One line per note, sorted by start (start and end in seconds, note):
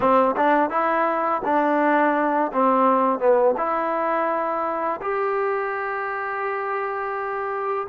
0.00 0.35 C4
0.36 0.69 D4
0.69 1.41 E4
1.44 2.51 D4
2.52 3.19 C4
3.19 3.55 B3
3.57 5.00 E4
5.01 7.87 G4